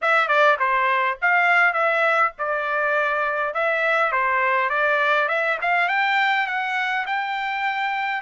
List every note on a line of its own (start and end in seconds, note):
0.01 0.28 E5
0.28 0.57 D5
0.59 1.18 C5
1.21 1.73 F5
1.73 2.32 E5
2.38 3.54 D5
3.54 4.11 E5
4.11 4.69 C5
4.69 5.28 D5
5.28 5.57 E5
5.61 5.88 F5
5.88 6.47 G5
6.47 7.05 F#5
7.06 8.21 G5